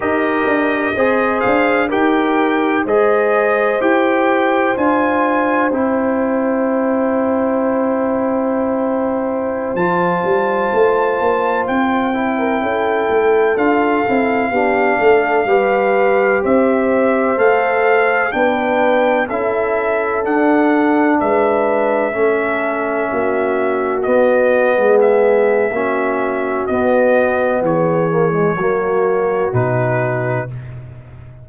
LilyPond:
<<
  \new Staff \with { instrumentName = "trumpet" } { \time 4/4 \tempo 4 = 63 dis''4. f''8 g''4 dis''4 | g''4 gis''4 g''2~ | g''2~ g''16 a''4.~ a''16~ | a''16 g''2 f''4.~ f''16~ |
f''4~ f''16 e''4 f''4 g''8.~ | g''16 e''4 fis''4 e''4.~ e''16~ | e''4~ e''16 dis''4 e''4.~ e''16 | dis''4 cis''2 b'4 | }
  \new Staff \with { instrumentName = "horn" } { \time 4/4 ais'4 c''4 ais'4 c''4~ | c''1~ | c''1~ | c''4 ais'16 a'2 g'8 a'16~ |
a'16 b'4 c''2 b'8.~ | b'16 a'2 b'4 a'8.~ | a'16 fis'4.~ fis'16 gis'4 fis'4~ | fis'4 gis'4 fis'2 | }
  \new Staff \with { instrumentName = "trombone" } { \time 4/4 g'4 gis'4 g'4 gis'4 | g'4 f'4 e'2~ | e'2~ e'16 f'4.~ f'16~ | f'8. e'4. f'8 e'8 d'8.~ |
d'16 g'2 a'4 d'8.~ | d'16 e'4 d'2 cis'8.~ | cis'4~ cis'16 b4.~ b16 cis'4 | b4. ais16 gis16 ais4 dis'4 | }
  \new Staff \with { instrumentName = "tuba" } { \time 4/4 dis'8 d'8 c'8 d'8 dis'4 gis4 | e'4 d'4 c'2~ | c'2~ c'16 f8 g8 a8 ais16~ | ais16 c'4 cis'8 a8 d'8 c'8 b8 a16~ |
a16 g4 c'4 a4 b8.~ | b16 cis'4 d'4 gis4 a8.~ | a16 ais4 b8. gis4 ais4 | b4 e4 fis4 b,4 | }
>>